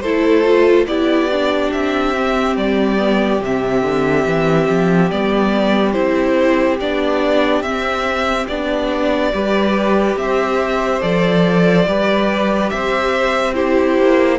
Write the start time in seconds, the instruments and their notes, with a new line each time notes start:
0.00 cello A3, viola E4, violin A4 C5
0.44 viola F4
0.85 cello B3, viola E4, violin G4 D5
1.32 viola D4
1.71 cello C4, violin E5
2.14 viola C4
2.56 cello G3, violin D5
2.96 viola B3
3.40 cello C3, viola C4, violin E5
3.82 cello D3
4.26 cello E3
4.69 cello F3
5.10 cello G3, viola B3, violin D5
5.92 cello C4, viola E4, violin C5
6.80 cello B3, viola D4, violin D5
7.61 cello C4, viola C4, violin E5
8.47 cello B3, viola D4, violin D5
9.33 cello G3, viola G4, violin B4
10.16 cello C4, violin C5 E5
11.01 cello F3, viola A4, violin D5
11.86 cello G3, viola G4, violin B4
12.69 cello C4, violin C5 E5
13.54 viola E4, violin G4 C5
13.98 cello A#3